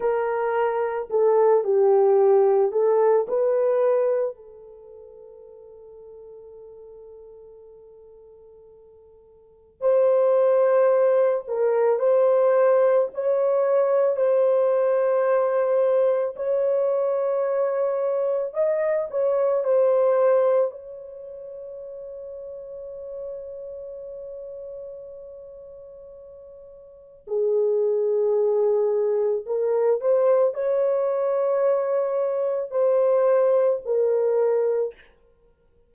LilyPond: \new Staff \with { instrumentName = "horn" } { \time 4/4 \tempo 4 = 55 ais'4 a'8 g'4 a'8 b'4 | a'1~ | a'4 c''4. ais'8 c''4 | cis''4 c''2 cis''4~ |
cis''4 dis''8 cis''8 c''4 cis''4~ | cis''1~ | cis''4 gis'2 ais'8 c''8 | cis''2 c''4 ais'4 | }